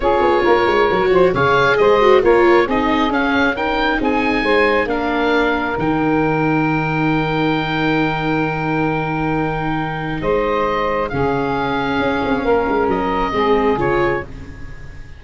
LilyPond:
<<
  \new Staff \with { instrumentName = "oboe" } { \time 4/4 \tempo 4 = 135 cis''2. f''4 | dis''4 cis''4 dis''4 f''4 | g''4 gis''2 f''4~ | f''4 g''2.~ |
g''1~ | g''2. dis''4~ | dis''4 f''2.~ | f''4 dis''2 cis''4 | }
  \new Staff \with { instrumentName = "saxophone" } { \time 4/4 gis'4 ais'4. c''8 cis''4 | c''4 ais'4 gis'2 | ais'4 gis'4 c''4 ais'4~ | ais'1~ |
ais'1~ | ais'2. c''4~ | c''4 gis'2. | ais'2 gis'2 | }
  \new Staff \with { instrumentName = "viola" } { \time 4/4 f'2 fis'4 gis'4~ | gis'8 fis'8 f'4 dis'4 cis'4 | dis'2. d'4~ | d'4 dis'2.~ |
dis'1~ | dis'1~ | dis'4 cis'2.~ | cis'2 c'4 f'4 | }
  \new Staff \with { instrumentName = "tuba" } { \time 4/4 cis'8 b8 ais8 gis8 fis8 f8 cis4 | gis4 ais4 c'4 cis'4~ | cis'4 c'4 gis4 ais4~ | ais4 dis2.~ |
dis1~ | dis2. gis4~ | gis4 cis2 cis'8 c'8 | ais8 gis8 fis4 gis4 cis4 | }
>>